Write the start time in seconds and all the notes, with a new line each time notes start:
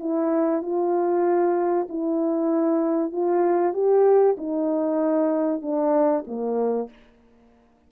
0.00 E4
0.63 F4
1.89 E4
3.13 F4
3.74 G4
4.38 D#4
5.62 D4
6.27 A#3